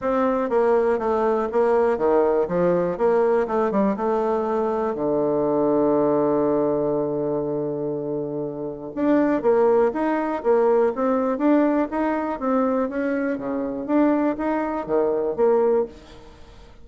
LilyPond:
\new Staff \with { instrumentName = "bassoon" } { \time 4/4 \tempo 4 = 121 c'4 ais4 a4 ais4 | dis4 f4 ais4 a8 g8 | a2 d2~ | d1~ |
d2 d'4 ais4 | dis'4 ais4 c'4 d'4 | dis'4 c'4 cis'4 cis4 | d'4 dis'4 dis4 ais4 | }